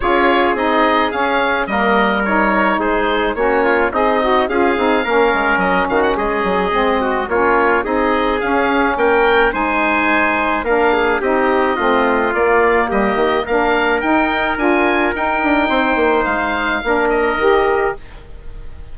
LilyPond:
<<
  \new Staff \with { instrumentName = "oboe" } { \time 4/4 \tempo 4 = 107 cis''4 dis''4 f''4 dis''4 | cis''4 c''4 cis''4 dis''4 | f''2 dis''8 f''16 fis''16 dis''4~ | dis''4 cis''4 dis''4 f''4 |
g''4 gis''2 f''4 | dis''2 d''4 dis''4 | f''4 g''4 gis''4 g''4~ | g''4 f''4. dis''4. | }
  \new Staff \with { instrumentName = "trumpet" } { \time 4/4 gis'2. ais'4~ | ais'4 gis'4 fis'8 f'8 dis'4 | gis'4 ais'4. fis'8 gis'4~ | gis'8 fis'8 f'4 gis'2 |
ais'4 c''2 ais'8 gis'8 | g'4 f'2 g'4 | ais'1 | c''2 ais'2 | }
  \new Staff \with { instrumentName = "saxophone" } { \time 4/4 f'4 dis'4 cis'4 ais4 | dis'2 cis'4 gis'8 fis'8 | f'8 dis'8 cis'2. | c'4 cis'4 dis'4 cis'4~ |
cis'4 dis'2 d'4 | dis'4 c'4 ais2 | d'4 dis'4 f'4 dis'4~ | dis'2 d'4 g'4 | }
  \new Staff \with { instrumentName = "bassoon" } { \time 4/4 cis'4 c'4 cis'4 g4~ | g4 gis4 ais4 c'4 | cis'8 c'8 ais8 gis8 fis8 dis8 gis8 fis8 | gis4 ais4 c'4 cis'4 |
ais4 gis2 ais4 | c'4 a4 ais4 g8 dis8 | ais4 dis'4 d'4 dis'8 d'8 | c'8 ais8 gis4 ais4 dis4 | }
>>